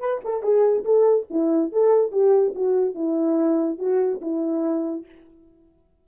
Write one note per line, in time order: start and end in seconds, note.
0.00 0.21 B4
0.25 0.43 A4
0.43 0.85 G#4
0.85 1.27 A4
1.31 1.72 E4
1.72 2.12 A4
2.12 2.54 G4
2.55 2.95 F#4
2.95 3.79 E4
3.79 4.21 F#4
4.22 5.06 E4